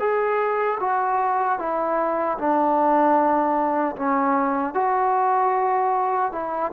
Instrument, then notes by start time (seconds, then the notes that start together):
trombone
0.00 G#4
0.80 F#4
1.59 E4
2.38 D4
3.96 C#4
4.74 F#4
6.33 E4